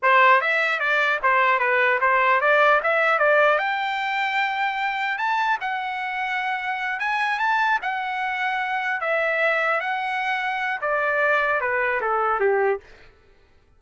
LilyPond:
\new Staff \with { instrumentName = "trumpet" } { \time 4/4 \tempo 4 = 150 c''4 e''4 d''4 c''4 | b'4 c''4 d''4 e''4 | d''4 g''2.~ | g''4 a''4 fis''2~ |
fis''4. gis''4 a''4 fis''8~ | fis''2~ fis''8 e''4.~ | e''8 fis''2~ fis''8 d''4~ | d''4 b'4 a'4 g'4 | }